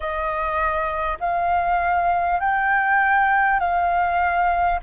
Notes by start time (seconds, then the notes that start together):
0.00 D#5
1.19 F5
2.40 G5
3.59 F5